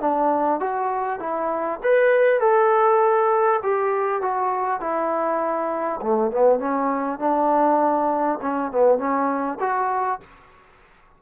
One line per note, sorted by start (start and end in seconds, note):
0.00 0.60 D4
0.60 1.19 F#4
1.19 1.79 E4
1.83 2.40 B4
2.40 3.60 A4
3.62 4.22 G4
4.22 4.80 F#4
4.80 6.00 E4
6.01 6.31 A3
6.31 6.59 B3
6.59 7.19 C#4
7.19 8.39 D4
8.41 8.71 C#4
8.71 8.98 B3
8.98 9.58 C#4
9.60 10.20 F#4